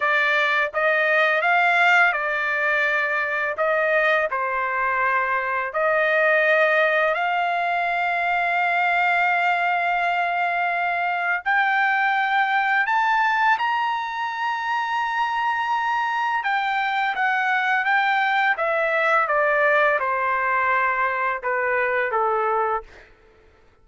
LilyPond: \new Staff \with { instrumentName = "trumpet" } { \time 4/4 \tempo 4 = 84 d''4 dis''4 f''4 d''4~ | d''4 dis''4 c''2 | dis''2 f''2~ | f''1 |
g''2 a''4 ais''4~ | ais''2. g''4 | fis''4 g''4 e''4 d''4 | c''2 b'4 a'4 | }